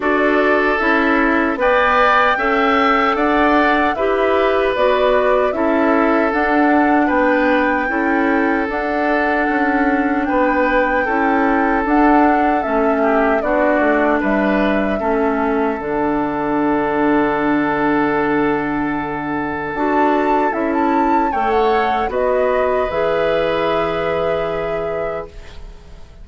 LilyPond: <<
  \new Staff \with { instrumentName = "flute" } { \time 4/4 \tempo 4 = 76 d''4 e''4 g''2 | fis''4 e''4 d''4 e''4 | fis''4 g''2 fis''4~ | fis''4 g''2 fis''4 |
e''4 d''4 e''2 | fis''1~ | fis''4 a''4 e''16 a''8. g''16 fis''8. | dis''4 e''2. | }
  \new Staff \with { instrumentName = "oboe" } { \time 4/4 a'2 d''4 e''4 | d''4 b'2 a'4~ | a'4 b'4 a'2~ | a'4 b'4 a'2~ |
a'8 g'8 fis'4 b'4 a'4~ | a'1~ | a'2. cis''4 | b'1 | }
  \new Staff \with { instrumentName = "clarinet" } { \time 4/4 fis'4 e'4 b'4 a'4~ | a'4 g'4 fis'4 e'4 | d'2 e'4 d'4~ | d'2 e'4 d'4 |
cis'4 d'2 cis'4 | d'1~ | d'4 fis'4 e'4 a'4 | fis'4 gis'2. | }
  \new Staff \with { instrumentName = "bassoon" } { \time 4/4 d'4 cis'4 b4 cis'4 | d'4 e'4 b4 cis'4 | d'4 b4 cis'4 d'4 | cis'4 b4 cis'4 d'4 |
a4 b8 a8 g4 a4 | d1~ | d4 d'4 cis'4 a4 | b4 e2. | }
>>